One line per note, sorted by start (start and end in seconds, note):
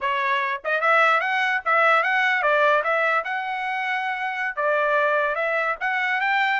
0.00 0.61 C#5
0.64 0.80 D#5
0.80 1.20 E5
1.20 1.61 F#5
1.65 2.03 E5
2.03 2.42 F#5
2.42 2.82 D5
2.83 3.24 E5
3.24 4.56 F#5
4.56 5.35 D5
5.35 5.75 E5
5.80 6.20 F#5
6.20 6.60 G5